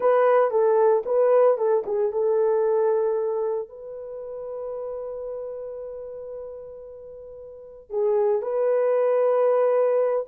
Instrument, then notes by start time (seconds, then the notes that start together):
horn
0.00 B4
0.50 A4
1.05 B4
1.57 A4
1.85 G#4
2.11 A4
3.68 B4
7.90 G#4
8.42 B4